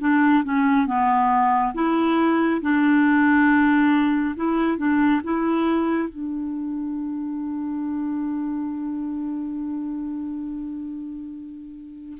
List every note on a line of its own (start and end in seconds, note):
0.00 0.43 D4
0.44 0.87 C#4
0.87 1.74 B3
1.74 2.61 E4
2.62 4.36 D4
4.36 4.78 E4
4.78 5.21 D4
5.24 6.09 E4
6.09 12.18 D4